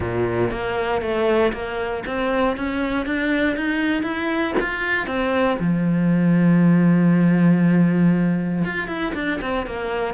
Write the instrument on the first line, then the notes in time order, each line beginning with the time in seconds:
cello
0.00 A#2
0.50 A#3
1.01 A3
1.53 A#3
2.06 C4
2.57 C#4
3.06 D4
3.56 D#4
4.02 E4
4.60 F4
5.06 C4
5.59 F3
8.64 F4
8.87 E4
9.14 D4
9.41 C4
9.66 A#3